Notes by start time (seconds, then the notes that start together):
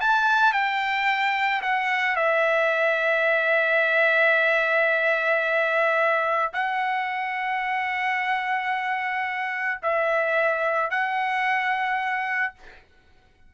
0.00 A5
0.52 G5
1.62 F#5
2.16 E5
6.53 F#5
9.82 E5
10.90 F#5